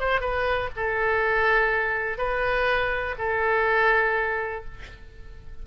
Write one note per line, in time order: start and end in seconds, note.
0.00 0.21 C5
0.21 0.69 B4
0.76 2.18 A4
2.18 3.16 B4
3.18 4.65 A4